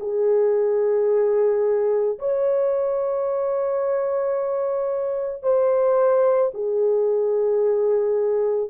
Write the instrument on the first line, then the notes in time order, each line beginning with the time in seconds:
horn
0.00 G#4
2.19 C#5
5.42 C5
6.54 G#4